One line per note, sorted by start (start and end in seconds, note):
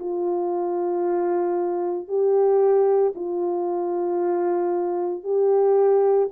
0.00 2.08 F4
2.08 3.13 G4
3.15 5.23 F4
5.23 6.29 G4